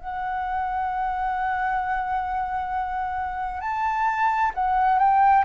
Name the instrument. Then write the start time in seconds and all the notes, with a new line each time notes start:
flute
0.00 F#5
3.61 A5
4.55 F#5
4.99 G5